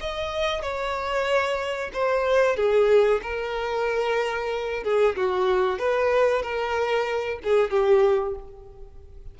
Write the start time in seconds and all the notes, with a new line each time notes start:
0.00 D#5
0.62 C#5
1.93 C5
2.56 G#4
3.22 A#4
4.83 G#4
5.16 F#4
5.79 B4
6.42 A#4
7.43 G#4
7.70 G4